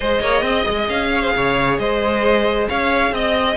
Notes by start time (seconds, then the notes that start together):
0.00 G#3 G#4 C5 D#5
0.20 A#3 C#5
0.41 C4 D#5
0.69 G#3
0.88 C#4 F5
1.15 C#5
1.21 C5
1.36 C#3 C#5
1.78 G#3 C5 D#5
2.68 C#4 C#5 F5
3.11 C4 D#5